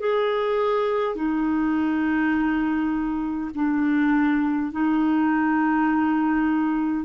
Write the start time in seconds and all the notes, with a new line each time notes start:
0.00 G#4
1.16 D#4
3.55 D4
4.72 D#4